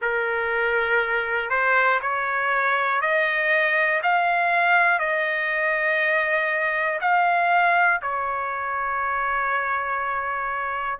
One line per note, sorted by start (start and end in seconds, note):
0.01 1.50 A#4
1.50 2.00 C5
2.01 3.00 C#5
3.00 4.00 D#5
4.03 4.99 F5
4.99 6.99 D#5
7.00 8.00 F5
8.02 10.99 C#5